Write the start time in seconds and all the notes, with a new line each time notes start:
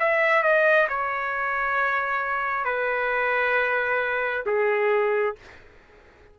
0.00 E5
0.43 D#5
0.89 C#5
2.65 B4
4.47 G#4